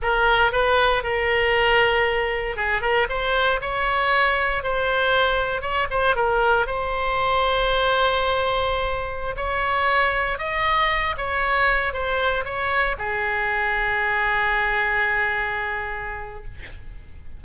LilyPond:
\new Staff \with { instrumentName = "oboe" } { \time 4/4 \tempo 4 = 117 ais'4 b'4 ais'2~ | ais'4 gis'8 ais'8 c''4 cis''4~ | cis''4 c''2 cis''8 c''8 | ais'4 c''2.~ |
c''2~ c''16 cis''4.~ cis''16~ | cis''16 dis''4. cis''4. c''8.~ | c''16 cis''4 gis'2~ gis'8.~ | gis'1 | }